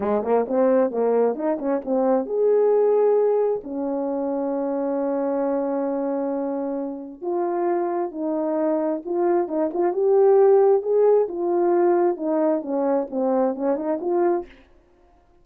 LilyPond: \new Staff \with { instrumentName = "horn" } { \time 4/4 \tempo 4 = 133 gis8 ais8 c'4 ais4 dis'8 cis'8 | c'4 gis'2. | cis'1~ | cis'1 |
f'2 dis'2 | f'4 dis'8 f'8 g'2 | gis'4 f'2 dis'4 | cis'4 c'4 cis'8 dis'8 f'4 | }